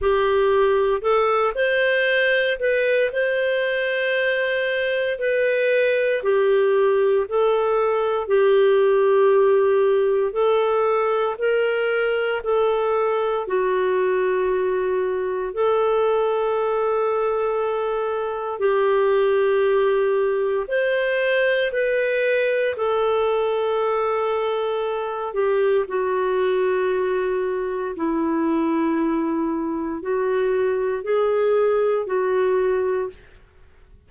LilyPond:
\new Staff \with { instrumentName = "clarinet" } { \time 4/4 \tempo 4 = 58 g'4 a'8 c''4 b'8 c''4~ | c''4 b'4 g'4 a'4 | g'2 a'4 ais'4 | a'4 fis'2 a'4~ |
a'2 g'2 | c''4 b'4 a'2~ | a'8 g'8 fis'2 e'4~ | e'4 fis'4 gis'4 fis'4 | }